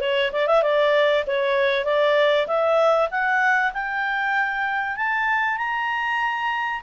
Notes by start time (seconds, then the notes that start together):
0.00 C#5
0.32 D5
0.47 E5
0.62 D5
1.27 C#5
1.85 D5
2.47 E5
3.10 F#5
3.73 G5
4.96 A5
5.57 A#5